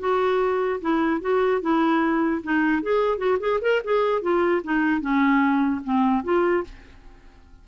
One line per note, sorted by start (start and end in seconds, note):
0.00 0.81 F#4
0.82 1.22 E4
1.22 1.62 F#4
1.62 2.42 E4
2.44 2.83 D#4
2.83 3.18 G#4
3.18 3.38 F#4
3.40 3.60 G#4
3.62 3.82 A#4
3.85 4.22 G#4
4.22 4.62 F4
4.64 5.01 D#4
5.01 5.82 C#4
5.85 6.24 C4
6.24 6.64 F4